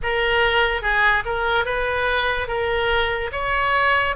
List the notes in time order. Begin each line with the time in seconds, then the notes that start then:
0.02 A#4
0.81 G#4
1.25 A#4
1.65 B4
2.47 A#4
3.32 C#5